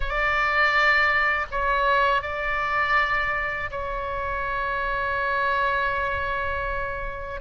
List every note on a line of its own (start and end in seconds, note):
0.00 1.46 D5
1.51 2.22 C#5
2.22 3.70 D5
3.70 7.40 C#5